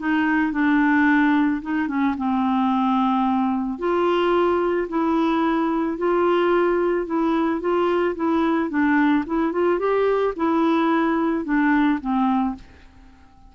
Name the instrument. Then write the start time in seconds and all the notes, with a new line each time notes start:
clarinet
0.00 D#4
0.53 D4
1.62 D#4
1.88 C#4
2.18 C4
3.79 F4
4.89 E4
5.98 F4
7.07 E4
7.61 F4
8.16 E4
8.70 D4
9.27 E4
9.53 F4
9.80 G4
10.37 E4
11.45 D4
12.01 C4